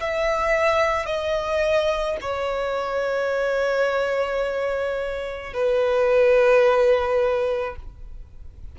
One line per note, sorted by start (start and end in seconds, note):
0.00 1.06 E5
1.06 2.17 D#5
2.21 5.54 C#5
5.54 7.76 B4